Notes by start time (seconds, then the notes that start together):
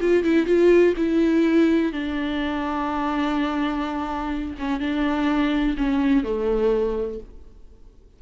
0.00 F4
0.23 E4
0.46 F4
0.96 E4
1.92 D4
4.59 C#4
4.80 D4
5.77 C#4
6.23 A3